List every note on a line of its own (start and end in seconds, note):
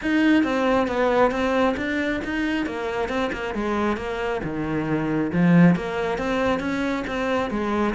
0.02 0.43 D#4
0.43 0.87 C4
0.87 1.31 B3
1.31 1.75 C4
1.76 2.20 D4
2.24 2.66 D#4
2.66 3.08 A#3
3.08 3.30 C4
3.32 3.54 A#3
3.54 3.96 G#3
3.96 4.41 A#3
4.43 5.31 D#3
5.32 5.75 F3
5.75 6.18 A#3
6.18 6.59 C4
6.59 7.03 C#4
7.07 7.50 C4
7.50 7.94 G#3